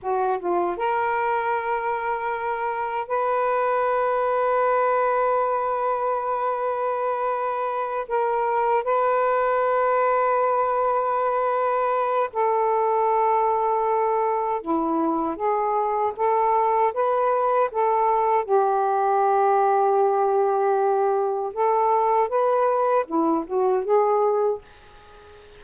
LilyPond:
\new Staff \with { instrumentName = "saxophone" } { \time 4/4 \tempo 4 = 78 fis'8 f'8 ais'2. | b'1~ | b'2~ b'8 ais'4 b'8~ | b'1 |
a'2. e'4 | gis'4 a'4 b'4 a'4 | g'1 | a'4 b'4 e'8 fis'8 gis'4 | }